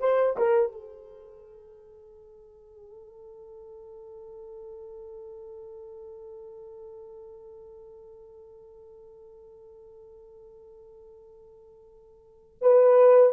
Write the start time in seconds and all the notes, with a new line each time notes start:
0.00 C5
0.38 A#4
0.72 A4
12.62 B4